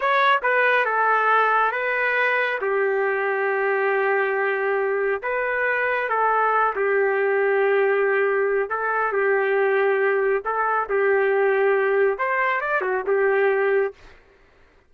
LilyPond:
\new Staff \with { instrumentName = "trumpet" } { \time 4/4 \tempo 4 = 138 cis''4 b'4 a'2 | b'2 g'2~ | g'1 | b'2 a'4. g'8~ |
g'1 | a'4 g'2. | a'4 g'2. | c''4 d''8 fis'8 g'2 | }